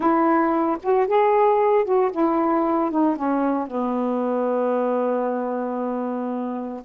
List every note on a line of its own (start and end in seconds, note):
0.00 0.77 E4
0.83 1.07 F#4
1.07 1.84 G#4
1.84 2.11 F#4
2.11 2.90 E4
2.90 3.16 D#4
3.16 3.67 C#4
3.67 6.83 B3